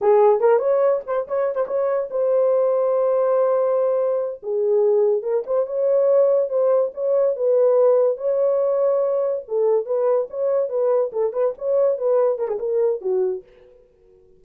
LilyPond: \new Staff \with { instrumentName = "horn" } { \time 4/4 \tempo 4 = 143 gis'4 ais'8 cis''4 c''8 cis''8. c''16 | cis''4 c''2.~ | c''2~ c''8 gis'4.~ | gis'8 ais'8 c''8 cis''2 c''8~ |
c''8 cis''4 b'2 cis''8~ | cis''2~ cis''8 a'4 b'8~ | b'8 cis''4 b'4 a'8 b'8 cis''8~ | cis''8 b'4 ais'16 gis'16 ais'4 fis'4 | }